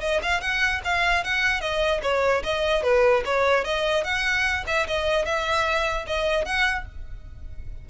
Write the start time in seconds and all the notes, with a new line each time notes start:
0.00 D#5
0.22 F5
0.40 F#5
0.84 F5
1.24 F#5
1.60 D#5
2.02 C#5
2.43 D#5
2.82 B4
3.25 C#5
3.64 D#5
4.04 F#5
4.66 E5
4.87 D#5
5.25 E5
6.06 D#5
6.45 F#5